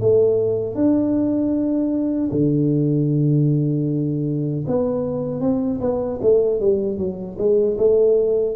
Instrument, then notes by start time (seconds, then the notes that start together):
tuba
0.00 A3
0.74 D4
2.31 D3
4.67 B3
5.40 C4
5.80 B3
6.21 A3
6.60 G3
6.97 F#3
7.38 G#3
7.77 A3